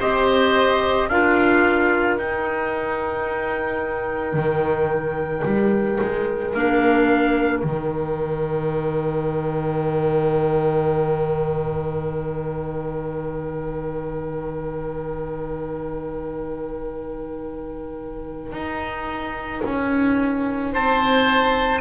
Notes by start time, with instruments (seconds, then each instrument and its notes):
0.00 double bass C4, clarinet G4, oboe C5, trumpet D#5
1.10 double bass D4, clarinet F4, oboe A#4, trumpet F5
2.18 double bass D#4, clarinet D#4, trumpet G5
4.33 double bass D#3
5.45 double bass G3
6.01 double bass G#3
6.54 double bass A#3, clarinet D4, trumpet F5
7.61 double bass D#3, clarinet D#4, trumpet G5
18.53 double bass D#4
19.65 double bass C#4
20.73 double bass C4, oboe C5, trumpet A5